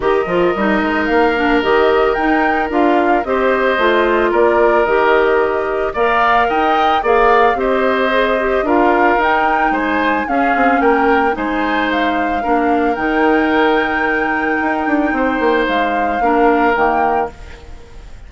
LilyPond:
<<
  \new Staff \with { instrumentName = "flute" } { \time 4/4 \tempo 4 = 111 dis''2 f''4 dis''4 | g''4 f''4 dis''2 | d''4 dis''2 f''4 | g''4 f''4 dis''2 |
f''4 g''4 gis''4 f''4 | g''4 gis''4 f''2 | g''1~ | g''4 f''2 g''4 | }
  \new Staff \with { instrumentName = "oboe" } { \time 4/4 ais'1~ | ais'2 c''2 | ais'2. d''4 | dis''4 d''4 c''2 |
ais'2 c''4 gis'4 | ais'4 c''2 ais'4~ | ais'1 | c''2 ais'2 | }
  \new Staff \with { instrumentName = "clarinet" } { \time 4/4 g'8 f'8 dis'4. d'8 g'4 | dis'4 f'4 g'4 f'4~ | f'4 g'2 ais'4~ | ais'4 gis'4 g'4 gis'8 g'8 |
f'4 dis'2 cis'4~ | cis'4 dis'2 d'4 | dis'1~ | dis'2 d'4 ais4 | }
  \new Staff \with { instrumentName = "bassoon" } { \time 4/4 dis8 f8 g8 gis8 ais4 dis4 | dis'4 d'4 c'4 a4 | ais4 dis2 ais4 | dis'4 ais4 c'2 |
d'4 dis'4 gis4 cis'8 c'8 | ais4 gis2 ais4 | dis2. dis'8 d'8 | c'8 ais8 gis4 ais4 dis4 | }
>>